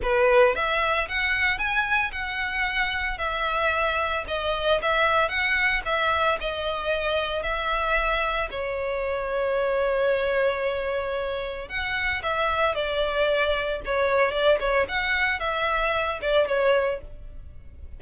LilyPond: \new Staff \with { instrumentName = "violin" } { \time 4/4 \tempo 4 = 113 b'4 e''4 fis''4 gis''4 | fis''2 e''2 | dis''4 e''4 fis''4 e''4 | dis''2 e''2 |
cis''1~ | cis''2 fis''4 e''4 | d''2 cis''4 d''8 cis''8 | fis''4 e''4. d''8 cis''4 | }